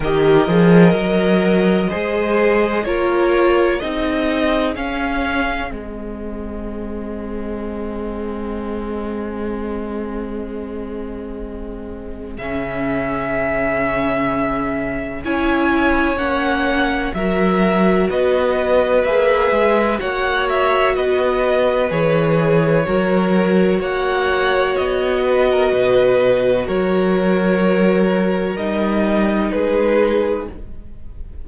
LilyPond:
<<
  \new Staff \with { instrumentName = "violin" } { \time 4/4 \tempo 4 = 63 dis''2. cis''4 | dis''4 f''4 dis''2~ | dis''1~ | dis''4 e''2. |
gis''4 fis''4 e''4 dis''4 | e''4 fis''8 e''8 dis''4 cis''4~ | cis''4 fis''4 dis''2 | cis''2 dis''4 b'4 | }
  \new Staff \with { instrumentName = "violin" } { \time 4/4 ais'2 c''4 ais'4 | gis'1~ | gis'1~ | gis'1 |
cis''2 ais'4 b'4~ | b'4 cis''4 b'2 | ais'4 cis''4. b'16 ais'16 b'4 | ais'2. gis'4 | }
  \new Staff \with { instrumentName = "viola" } { \time 4/4 g'8 gis'8 ais'4 gis'4 f'4 | dis'4 cis'4 c'2~ | c'1~ | c'4 cis'2. |
e'4 cis'4 fis'2 | gis'4 fis'2 gis'4 | fis'1~ | fis'2 dis'2 | }
  \new Staff \with { instrumentName = "cello" } { \time 4/4 dis8 f8 fis4 gis4 ais4 | c'4 cis'4 gis2~ | gis1~ | gis4 cis2. |
cis'4 ais4 fis4 b4 | ais8 gis8 ais4 b4 e4 | fis4 ais4 b4 b,4 | fis2 g4 gis4 | }
>>